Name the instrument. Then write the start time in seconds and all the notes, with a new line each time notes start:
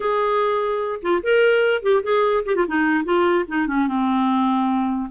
clarinet
0.00 G#4
1.02 F4
1.23 A#4
1.82 G4
2.03 G#4
2.45 G4
2.55 F4
2.67 D#4
3.04 F4
3.48 D#4
3.67 C#4
3.87 C4